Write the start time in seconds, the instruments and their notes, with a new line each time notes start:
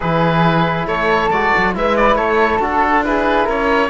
0.00 cello E3, trombone E4, flute G#4, oboe B4
0.86 cello A3, flute A4, oboe C#5
1.30 cello G#3, trombone F#4, oboe D5
1.57 cello F#3
1.74 cello G#3, trombone E4, flute B4, oboe E5
1.96 oboe D5
2.15 cello A3, flute A4, oboe C#5
2.59 cello D4, trombone F#4, oboe A4
3.04 trombone E4, flute G#4, oboe B4
3.44 cello C#4, flute A#4, oboe C#5